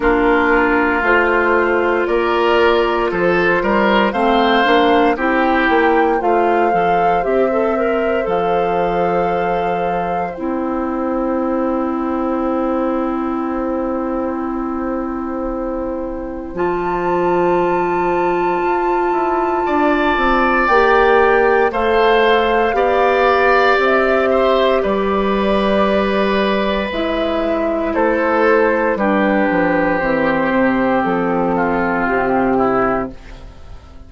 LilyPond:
<<
  \new Staff \with { instrumentName = "flute" } { \time 4/4 \tempo 4 = 58 ais'4 c''4 d''4 c''4 | f''4 g''4 f''4 e''4 | f''2 g''2~ | g''1 |
a''1 | g''4 f''2 e''4 | d''2 e''4 c''4 | b'4 c''4 a'4 g'4 | }
  \new Staff \with { instrumentName = "oboe" } { \time 4/4 f'2 ais'4 a'8 ais'8 | c''4 g'4 c''2~ | c''1~ | c''1~ |
c''2. d''4~ | d''4 c''4 d''4. c''8 | b'2. a'4 | g'2~ g'8 f'4 e'8 | }
  \new Staff \with { instrumentName = "clarinet" } { \time 4/4 d'4 f'2. | c'8 d'8 e'4 f'8 a'8 g'16 a'16 ais'8 | a'2 e'2~ | e'1 |
f'1 | g'4 a'4 g'2~ | g'2 e'2 | d'4 c'2. | }
  \new Staff \with { instrumentName = "bassoon" } { \time 4/4 ais4 a4 ais4 f8 g8 | a8 ais8 c'8 ais8 a8 f8 c'4 | f2 c'2~ | c'1 |
f2 f'8 e'8 d'8 c'8 | ais4 a4 b4 c'4 | g2 gis4 a4 | g8 f8 e8 c8 f4 c4 | }
>>